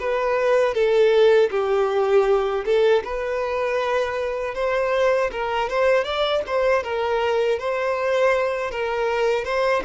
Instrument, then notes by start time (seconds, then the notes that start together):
violin
0.00 B4
0.74 A4
1.51 G4
2.65 A4
3.04 B4
4.55 C5
5.32 A#4
5.70 C5
6.04 D5
6.47 C5
6.84 A#4
7.59 C5
8.71 A#4
9.45 C5